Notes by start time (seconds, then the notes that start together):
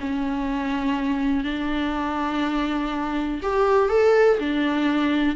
0.00 C#4
1.44 D4
3.42 G4
3.89 A4
4.39 D4